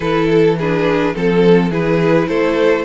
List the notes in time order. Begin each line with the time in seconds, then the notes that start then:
0.00 E3 E4 A4 B4
0.30 A4
0.57 D4 G#4 B4
1.14 F3 C4 A4
1.70 E3 E4 G#4 B4
2.28 A3 A4 C5